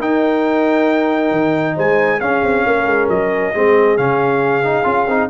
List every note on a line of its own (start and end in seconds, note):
0.00 1.32 D#4
0.00 2.21 D#4
0.00 1.75 A#4
0.00 1.78 G5
1.32 1.76 D#3
1.75 2.21 G#3
1.75 2.20 C5
1.75 2.20 G#5
2.20 2.43 C#4
2.20 3.54 C#4
2.20 2.66 G#4
2.20 3.08 F5
2.43 2.65 C4
2.66 2.86 A#3
2.66 3.54 A#4
2.86 3.08 G#3
3.09 3.53 F#3
3.09 3.97 D#5
3.54 3.98 G#3
3.54 3.98 C4
3.54 5.30 G#4
3.97 4.86 C#3
3.97 4.64 C#4
3.97 5.30 F5
4.64 4.84 D#4
4.84 5.08 C#4
4.84 5.06 F4
5.08 5.30 C4
5.08 5.30 D#4